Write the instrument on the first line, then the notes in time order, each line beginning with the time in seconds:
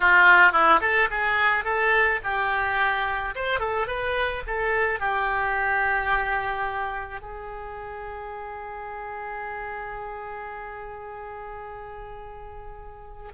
oboe
0.00 F4
0.52 E4
0.81 A4
1.10 G#4
1.64 A4
2.23 G4
3.35 C5
3.59 A4
3.87 B4
4.46 A4
4.99 G4
7.21 G#4